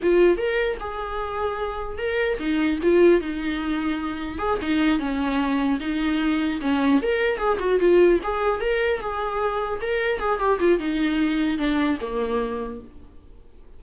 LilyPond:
\new Staff \with { instrumentName = "viola" } { \time 4/4 \tempo 4 = 150 f'4 ais'4 gis'2~ | gis'4 ais'4 dis'4 f'4 | dis'2. gis'8 dis'8~ | dis'8 cis'2 dis'4.~ |
dis'8 cis'4 ais'4 gis'8 fis'8 f'8~ | f'8 gis'4 ais'4 gis'4.~ | gis'8 ais'4 gis'8 g'8 f'8 dis'4~ | dis'4 d'4 ais2 | }